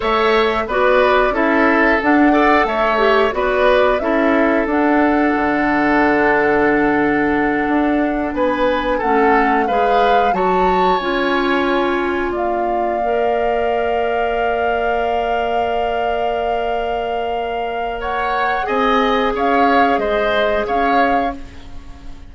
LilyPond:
<<
  \new Staff \with { instrumentName = "flute" } { \time 4/4 \tempo 4 = 90 e''4 d''4 e''4 fis''4 | e''4 d''4 e''4 fis''4~ | fis''1~ | fis''8 gis''4 fis''4 f''4 a''8~ |
a''8 gis''2 f''4.~ | f''1~ | f''2. fis''4 | gis''4 f''4 dis''4 f''4 | }
  \new Staff \with { instrumentName = "oboe" } { \time 4/4 cis''4 b'4 a'4. d''8 | cis''4 b'4 a'2~ | a'1~ | a'8 b'4 a'4 b'4 cis''8~ |
cis''2~ cis''8 d''4.~ | d''1~ | d''2. cis''4 | dis''4 cis''4 c''4 cis''4 | }
  \new Staff \with { instrumentName = "clarinet" } { \time 4/4 a'4 fis'4 e'4 d'8 a'8~ | a'8 g'8 fis'4 e'4 d'4~ | d'1~ | d'4. cis'4 gis'4 fis'8~ |
fis'8 f'2. ais'8~ | ais'1~ | ais'1 | gis'1 | }
  \new Staff \with { instrumentName = "bassoon" } { \time 4/4 a4 b4 cis'4 d'4 | a4 b4 cis'4 d'4 | d2.~ d8 d'8~ | d'8 b4 a4 gis4 fis8~ |
fis8 cis'2 ais4.~ | ais1~ | ais1 | c'4 cis'4 gis4 cis'4 | }
>>